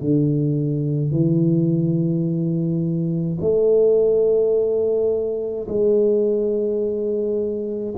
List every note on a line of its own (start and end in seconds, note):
0.00 1.11 D3
1.11 3.38 E3
3.40 5.67 A3
5.68 7.94 G#3